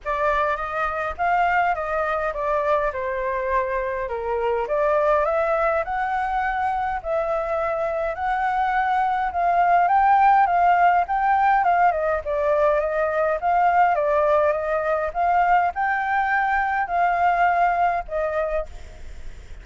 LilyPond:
\new Staff \with { instrumentName = "flute" } { \time 4/4 \tempo 4 = 103 d''4 dis''4 f''4 dis''4 | d''4 c''2 ais'4 | d''4 e''4 fis''2 | e''2 fis''2 |
f''4 g''4 f''4 g''4 | f''8 dis''8 d''4 dis''4 f''4 | d''4 dis''4 f''4 g''4~ | g''4 f''2 dis''4 | }